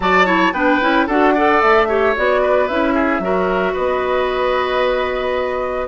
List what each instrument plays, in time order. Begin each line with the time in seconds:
0.00 bassoon F#3, clarinet F#4, oboe D5, flute A5
0.25 clarinet E4, oboe C#5
0.52 bassoon B3, clarinet D4, oboe B4, flute G5
0.81 bassoon C#4, clarinet E4
1.06 bassoon D4, clarinet F#4, oboe A4, flute F#5
1.34 clarinet A4, oboe D5
1.61 bassoon A3, flute E5
1.88 clarinet G4, oboe C#5
2.16 bassoon B3, clarinet F#4, flute D5
2.41 oboe B4
2.67 bassoon C#4, clarinet E4, flute E5
2.94 oboe G#4
3.19 bassoon F#3, clarinet F#4, oboe A#4
3.72 bassoon B3, oboe B4, flute D#5